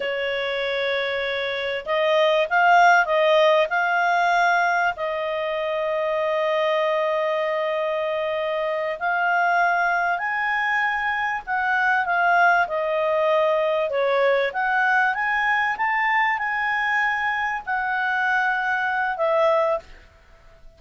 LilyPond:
\new Staff \with { instrumentName = "clarinet" } { \time 4/4 \tempo 4 = 97 cis''2. dis''4 | f''4 dis''4 f''2 | dis''1~ | dis''2~ dis''8 f''4.~ |
f''8 gis''2 fis''4 f''8~ | f''8 dis''2 cis''4 fis''8~ | fis''8 gis''4 a''4 gis''4.~ | gis''8 fis''2~ fis''8 e''4 | }